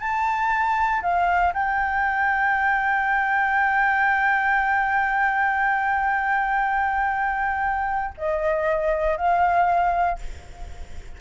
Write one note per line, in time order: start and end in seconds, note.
0.00 1.02 A5
1.02 1.53 F5
1.53 8.14 G5
8.17 9.17 D#5
9.17 10.19 F5